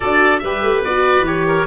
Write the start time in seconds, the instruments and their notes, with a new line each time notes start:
0.00 tuba D4, viola F#4, oboe A4 D5
0.38 tuba G3, oboe B4 E5
0.45 viola G4
0.62 tuba A3
0.84 tuba B3, viola F#4, oboe D5
1.20 tuba E3, viola G4
1.26 oboe C#5
1.47 oboe A#4